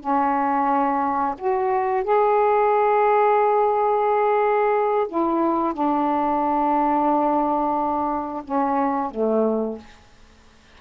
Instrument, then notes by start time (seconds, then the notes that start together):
saxophone
0.00 C#4
1.38 F#4
2.03 G#4
5.08 E4
5.73 D4
8.44 C#4
9.11 A3